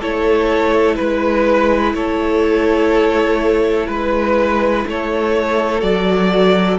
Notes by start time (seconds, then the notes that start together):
0.00 A3 E4 A4 C#5
0.96 G#3 B4
1.95 A3 A4 C#5
3.88 G#3 B4
4.87 A3 A4 C#5
5.81 F#3 F#4 D5